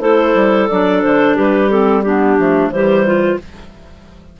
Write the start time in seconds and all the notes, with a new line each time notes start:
0.00 A3 E4 A4 C5
0.34 G3
0.68 F#3 D4 D5
1.02 D3 C5
1.35 G3 G4 B4
1.70 C4 A4
2.02 B3 D4 G4
2.38 F3 A3
2.69 E3 G3 G4 C5
3.06 F4